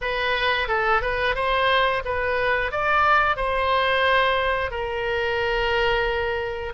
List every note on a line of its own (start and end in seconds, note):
0.01 0.67 B4
0.67 1.01 A4
1.01 1.35 B4
1.35 2.02 C5
2.04 2.72 B4
2.72 3.36 D5
3.36 4.70 C5
4.70 6.73 A#4